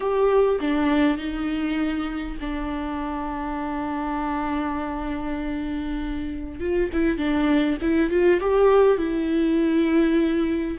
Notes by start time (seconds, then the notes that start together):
0.00 G4
0.60 D4
1.17 D#4
2.40 D4
6.60 F4
6.92 E4
7.17 D4
7.81 E4
8.10 F4
8.40 G4
8.97 E4